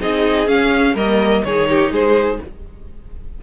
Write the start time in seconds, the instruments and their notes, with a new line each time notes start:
0.00 cello C4, viola D#4, violin G#4 D#5
0.47 viola C#4, cello C#4, violin F5
0.94 cello G3, viola A#3, violin A#4 D#5
1.44 cello D#3, viola D#4, violin G#4 C#5
1.70 violin G4
1.91 cello G#3, violin G#4 C5